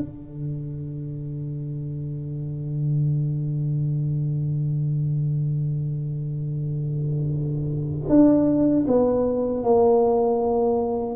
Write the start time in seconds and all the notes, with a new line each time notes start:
0.00 D3
8.10 D4
8.88 B3
9.64 A#3